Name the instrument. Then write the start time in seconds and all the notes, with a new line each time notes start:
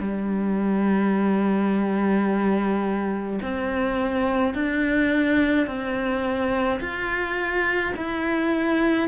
cello
0.00 G3
3.42 C4
4.54 D4
5.67 C4
6.80 F4
7.96 E4